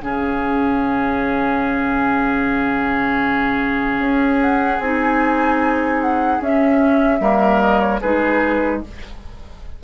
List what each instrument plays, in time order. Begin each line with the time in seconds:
0.00 bassoon C#3, clarinet C#4, oboe G#4, flute F5
3.99 bassoon C#4
4.40 flute F#5
4.79 bassoon C4, clarinet D#4, flute G#5
6.01 flute F#5
6.40 bassoon C#4, clarinet C#4, flute E5
7.19 bassoon G3, clarinet A#3, oboe A#4
7.61 flute D#5
7.80 flute C#5
8.01 bassoon G#3, clarinet D#4, oboe G#4, flute B4